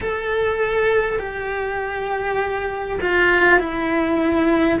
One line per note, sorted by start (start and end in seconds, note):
0.01 1.18 A4
1.18 2.98 G4
3.01 3.59 F4
3.59 4.79 E4